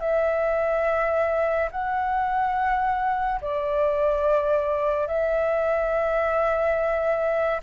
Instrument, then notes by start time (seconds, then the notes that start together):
flute
0.00 E5
1.71 F#5
3.41 D5
5.07 E5